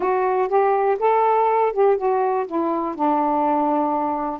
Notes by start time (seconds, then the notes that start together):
0.00 F#4
0.48 G4
0.99 A4
1.72 G4
1.97 F#4
2.47 E4
2.95 D4